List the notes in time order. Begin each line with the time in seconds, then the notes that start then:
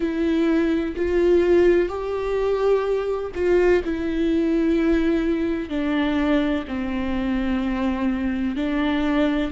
0.00 E4
0.95 F4
1.88 G4
3.35 F4
3.84 E4
5.69 D4
6.67 C4
8.56 D4